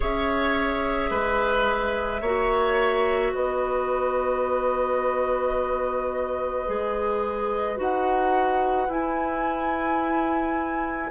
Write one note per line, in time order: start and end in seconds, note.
0.00 1.10 C#4
0.00 2.21 G#4
0.00 1.10 C#5
0.00 3.34 E5
1.10 2.21 G#3
1.10 2.21 B4
2.21 3.32 A#3
2.21 6.66 F#4
2.21 3.32 C#5
3.32 6.68 B3
3.32 11.10 B4
3.32 7.79 D#5
6.66 7.78 G#3
6.66 7.76 G#4
7.76 8.87 D#4
7.76 8.87 F#4
7.76 8.90 F#5
8.87 11.10 E4
8.87 11.10 G#5